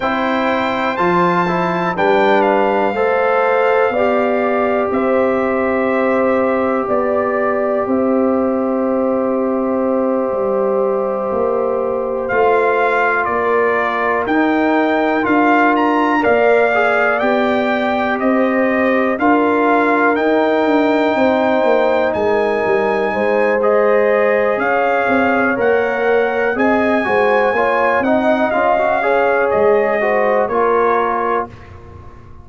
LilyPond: <<
  \new Staff \with { instrumentName = "trumpet" } { \time 4/4 \tempo 4 = 61 g''4 a''4 g''8 f''4.~ | f''4 e''2 d''4 | e''1~ | e''8 f''4 d''4 g''4 f''8 |
ais''8 f''4 g''4 dis''4 f''8~ | f''8 g''2 gis''4. | dis''4 f''4 fis''4 gis''4~ | gis''8 fis''8 f''4 dis''4 cis''4 | }
  \new Staff \with { instrumentName = "horn" } { \time 4/4 c''2 b'4 c''4 | d''4 c''2 d''4 | c''1~ | c''4. ais'2~ ais'8~ |
ais'8 d''2 c''4 ais'8~ | ais'4. c''4 ais'4 c''8~ | c''4 cis''2 dis''8 c''8 | cis''8 dis''4 cis''4 c''8 ais'4 | }
  \new Staff \with { instrumentName = "trombone" } { \time 4/4 e'4 f'8 e'8 d'4 a'4 | g'1~ | g'1~ | g'8 f'2 dis'4 f'8~ |
f'8 ais'8 gis'8 g'2 f'8~ | f'8 dis'2.~ dis'8 | gis'2 ais'4 gis'8 fis'8 | f'8 dis'8 f'16 fis'16 gis'4 fis'8 f'4 | }
  \new Staff \with { instrumentName = "tuba" } { \time 4/4 c'4 f4 g4 a4 | b4 c'2 b4 | c'2~ c'8 g4 ais8~ | ais8 a4 ais4 dis'4 d'8~ |
d'8 ais4 b4 c'4 d'8~ | d'8 dis'8 d'8 c'8 ais8 gis8 g8 gis8~ | gis4 cis'8 c'8 ais4 c'8 gis8 | ais8 c'8 cis'4 gis4 ais4 | }
>>